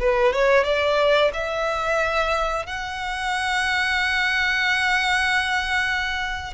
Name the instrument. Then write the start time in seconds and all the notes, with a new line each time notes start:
violin
0.00 B4
0.33 C#5
0.64 D5
1.33 E5
2.66 F#5